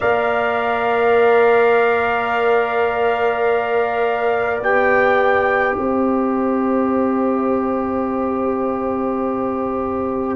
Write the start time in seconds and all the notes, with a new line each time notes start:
0.00 A#3 A#4 D5 F5
4.59 B3 G4 G5
5.74 C4 C5 E5